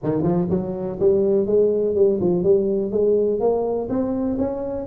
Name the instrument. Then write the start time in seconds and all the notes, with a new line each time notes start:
tuba
0.03 D#3
0.22 F3
0.50 F#3
0.99 G3
1.46 G#3
1.95 G3
2.20 F3
2.43 G3
2.91 G#3
3.40 A#3
3.89 C4
4.38 C#4